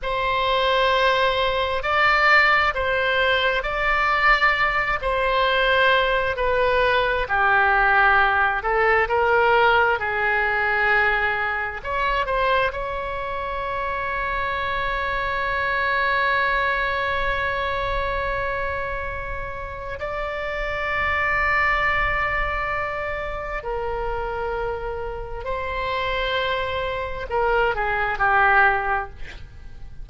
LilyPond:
\new Staff \with { instrumentName = "oboe" } { \time 4/4 \tempo 4 = 66 c''2 d''4 c''4 | d''4. c''4. b'4 | g'4. a'8 ais'4 gis'4~ | gis'4 cis''8 c''8 cis''2~ |
cis''1~ | cis''2 d''2~ | d''2 ais'2 | c''2 ais'8 gis'8 g'4 | }